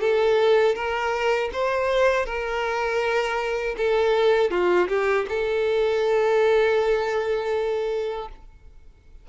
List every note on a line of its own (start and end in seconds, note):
0.00 0.75 A4
0.75 1.50 A#4
1.52 2.25 C5
2.25 3.75 A#4
3.77 4.50 A4
4.50 4.88 F4
4.88 5.26 G4
5.28 8.28 A4